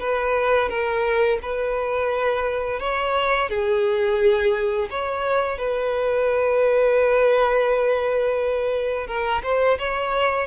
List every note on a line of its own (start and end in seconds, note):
0.00 0.69 B4
0.69 1.39 A#4
1.42 2.80 B4
2.80 3.49 C#5
3.49 4.89 G#4
4.90 5.58 C#5
5.58 9.07 B4
9.07 9.42 A#4
9.43 9.78 C5
9.79 10.47 C#5